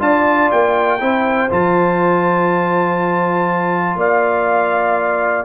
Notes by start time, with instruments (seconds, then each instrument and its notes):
0.00 tuba D4, trombone F4, horn D5, trumpet A5
0.52 tuba A#3, trumpet G5
1.00 tuba C4, trombone E4, horn C5
1.50 tuba F3, trombone F4, trumpet A5
3.96 tuba A#3, horn D5, trumpet F5